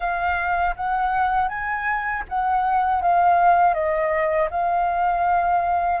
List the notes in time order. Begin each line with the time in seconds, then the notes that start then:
0.00 F5
0.76 F#5
1.48 G#5
2.28 F#5
3.02 F5
3.73 D#5
4.50 F5